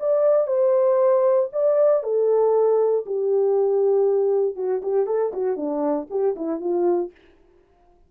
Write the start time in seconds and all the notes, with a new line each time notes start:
0.00 D5
0.48 C5
1.53 D5
2.03 A4
3.06 G4
4.56 F#4
4.83 G4
5.07 A4
5.33 F#4
5.57 D4
6.10 G4
6.37 E4
6.61 F4